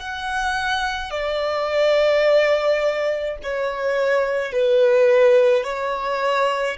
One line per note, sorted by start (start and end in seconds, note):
0.00 1.11 F#5
1.11 3.38 D5
3.44 4.53 C#5
4.53 5.64 B4
5.64 6.78 C#5